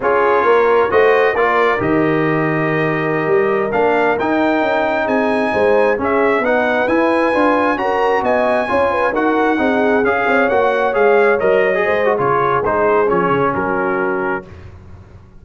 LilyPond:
<<
  \new Staff \with { instrumentName = "trumpet" } { \time 4/4 \tempo 4 = 133 cis''2 dis''4 d''4 | dis''1~ | dis''16 f''4 g''2 gis''8.~ | gis''4~ gis''16 e''4 fis''4 gis''8.~ |
gis''4~ gis''16 ais''4 gis''4.~ gis''16~ | gis''16 fis''2 f''4 fis''8.~ | fis''16 f''4 dis''4.~ dis''16 cis''4 | c''4 cis''4 ais'2 | }
  \new Staff \with { instrumentName = "horn" } { \time 4/4 gis'4 ais'4 c''4 ais'4~ | ais'1~ | ais'2.~ ais'16 gis'8.~ | gis'16 c''4 gis'4 b'4.~ b'16~ |
b'4~ b'16 ais'4 dis''4 cis''8 b'16~ | b'16 ais'4 gis'4. cis''4~ cis''16~ | cis''2~ cis''16 c''8. gis'4~ | gis'2 fis'2 | }
  \new Staff \with { instrumentName = "trombone" } { \time 4/4 f'2 fis'4 f'4 | g'1~ | g'16 d'4 dis'2~ dis'8.~ | dis'4~ dis'16 cis'4 dis'4 e'8.~ |
e'16 f'4 fis'2 f'8.~ | f'16 fis'4 dis'4 gis'4 fis'8.~ | fis'16 gis'4 ais'8. gis'8. fis'16 f'4 | dis'4 cis'2. | }
  \new Staff \with { instrumentName = "tuba" } { \time 4/4 cis'4 ais4 a4 ais4 | dis2.~ dis16 g8.~ | g16 ais4 dis'4 cis'4 c'8.~ | c'16 gis4 cis'4 b4 e'8.~ |
e'16 d'4 cis'4 b4 cis'8.~ | cis'16 dis'4 c'4 cis'8 c'8 ais8.~ | ais16 gis4 fis4 gis8. cis4 | gis4 f8 cis8 fis2 | }
>>